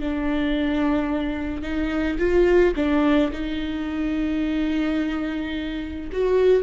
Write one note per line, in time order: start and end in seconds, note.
0.00 1.62 D4
1.62 2.18 D#4
2.19 2.74 F4
2.76 3.31 D4
3.32 6.10 D#4
6.12 6.63 F#4